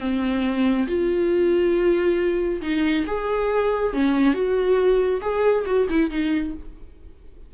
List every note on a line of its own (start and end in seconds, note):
0.00 0.87 C4
0.87 2.61 F4
2.62 3.05 D#4
3.07 3.93 G#4
3.93 4.34 C#4
4.34 5.21 F#4
5.21 5.65 G#4
5.66 5.88 F#4
5.90 6.10 E4
6.10 6.54 D#4